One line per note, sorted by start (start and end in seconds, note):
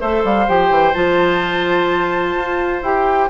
0.00 0.24 A3
0.00 0.47 A4
0.00 3.29 C5
0.00 0.24 E5
0.24 0.48 G3
0.24 0.49 F5
0.47 0.70 F3
0.47 0.94 G4
0.47 0.94 G5
0.70 0.94 E3
0.94 2.36 F3
0.94 2.82 F4
0.94 2.82 A5
2.36 2.83 F4
2.83 3.29 E4
2.83 3.30 G4
2.83 3.30 G5